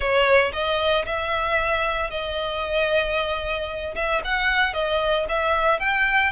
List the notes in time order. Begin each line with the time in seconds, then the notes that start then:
0.00 C#5
0.52 D#5
1.05 E5
2.10 D#5
3.95 E5
4.24 F#5
4.73 D#5
5.28 E5
5.79 G5